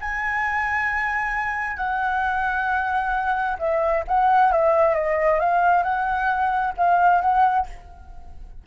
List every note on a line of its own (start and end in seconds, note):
0.00 1.77 G#5
1.77 3.57 F#5
3.58 4.04 E5
4.07 4.52 F#5
4.52 4.94 E5
4.94 5.39 D#5
5.39 5.83 F5
5.83 6.73 F#5
6.77 7.21 F5
7.21 7.66 F#5